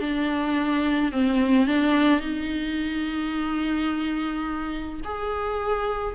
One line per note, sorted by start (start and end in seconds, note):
0.00 1.12 D4
1.12 1.67 C4
1.67 2.20 D4
2.20 5.01 D#4
5.04 6.15 G#4